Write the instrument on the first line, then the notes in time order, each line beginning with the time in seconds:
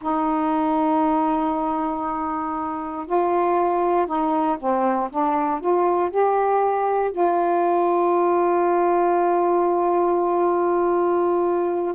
saxophone
0.01 D#4
3.06 F4
4.06 D#4
4.59 C4
5.10 D4
5.60 F4
6.10 G4
7.11 F4